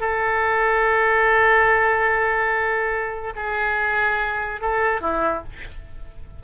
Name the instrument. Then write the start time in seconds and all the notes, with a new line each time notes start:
oboe
0.00 A4
3.36 G#4
4.61 A4
5.01 E4